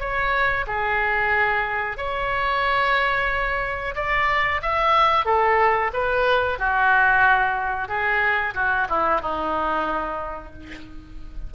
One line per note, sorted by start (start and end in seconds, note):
0.00 0.66 C#5
0.67 1.98 G#4
1.98 3.95 C#5
3.96 4.62 D5
4.62 5.25 E5
5.25 5.91 A4
5.93 6.59 B4
6.59 7.89 F#4
7.89 8.54 G#4
8.55 8.88 F#4
8.90 9.22 E4
9.22 10.53 D#4